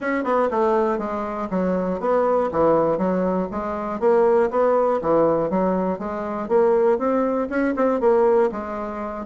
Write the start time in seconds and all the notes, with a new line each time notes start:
0.00 C#4
0.24 B3
0.50 A3
0.98 G#3
1.50 F#3
2.00 B3
2.51 E3
2.98 F#3
3.51 G#3
4.00 A#3
4.50 B3
5.01 E3
5.50 F#3
5.98 G#3
6.48 A#3
6.98 C4
7.49 C#4
7.75 C4
8.00 A#3
8.51 G#3